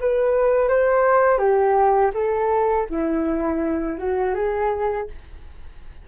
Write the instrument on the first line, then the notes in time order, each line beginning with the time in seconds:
flute
0.00 B4
0.68 C5
1.38 G4
2.14 A4
2.89 E4
3.98 F#4
4.34 G#4